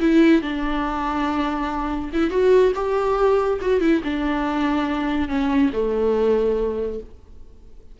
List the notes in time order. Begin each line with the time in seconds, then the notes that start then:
0.00 E4
0.41 D4
2.13 E4
2.30 F#4
2.75 G4
3.61 F#4
3.80 E4
4.04 D4
5.28 C#4
5.73 A3